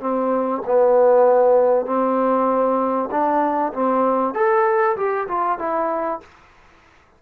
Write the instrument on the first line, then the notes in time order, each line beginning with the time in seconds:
trombone
0.00 C4
0.66 B3
1.86 C4
3.11 D4
3.73 C4
4.34 A4
4.96 G4
5.27 F4
5.58 E4